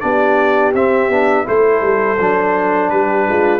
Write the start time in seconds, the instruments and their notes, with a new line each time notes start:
0.00 tuba B3, trombone D4, horn G4, trumpet D5
0.74 tuba C4, trombone C4, trumpet E5
1.09 tuba B3, trombone D4
1.45 tuba A3, trombone E4, horn A4, trumpet C5
1.81 tuba G3
2.20 tuba F#3, trombone D4
2.90 tuba G3, horn G4, trumpet B4
3.28 tuba G#3, horn F4